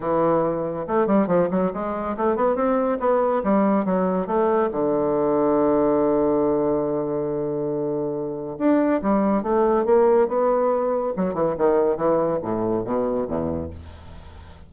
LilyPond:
\new Staff \with { instrumentName = "bassoon" } { \time 4/4 \tempo 4 = 140 e2 a8 g8 f8 fis8 | gis4 a8 b8 c'4 b4 | g4 fis4 a4 d4~ | d1~ |
d1 | d'4 g4 a4 ais4 | b2 fis8 e8 dis4 | e4 a,4 b,4 e,4 | }